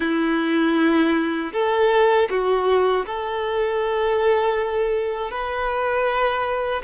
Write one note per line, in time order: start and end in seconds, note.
0.00 1.52 E4
1.53 2.29 A4
2.30 3.06 F#4
3.06 5.30 A4
5.30 6.82 B4